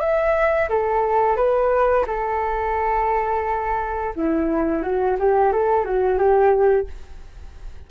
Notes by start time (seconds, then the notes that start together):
0.00 E5
0.69 A4
1.36 B4
2.07 A4
4.15 E4
4.82 F#4
5.19 G4
5.52 A4
5.85 F#4
6.18 G4